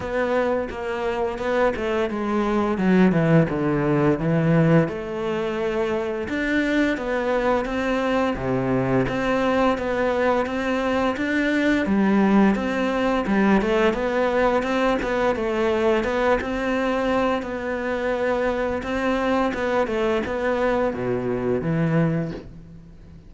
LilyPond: \new Staff \with { instrumentName = "cello" } { \time 4/4 \tempo 4 = 86 b4 ais4 b8 a8 gis4 | fis8 e8 d4 e4 a4~ | a4 d'4 b4 c'4 | c4 c'4 b4 c'4 |
d'4 g4 c'4 g8 a8 | b4 c'8 b8 a4 b8 c'8~ | c'4 b2 c'4 | b8 a8 b4 b,4 e4 | }